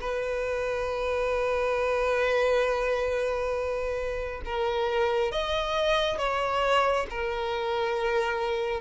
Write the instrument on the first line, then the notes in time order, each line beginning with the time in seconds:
violin
0.00 B4
4.45 A#4
5.31 D#5
6.18 C#5
7.09 A#4